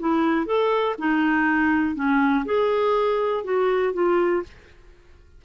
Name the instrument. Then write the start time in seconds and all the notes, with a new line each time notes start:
clarinet
0.00 E4
0.47 A4
0.99 D#4
1.96 C#4
2.45 G#4
3.44 F#4
3.94 F4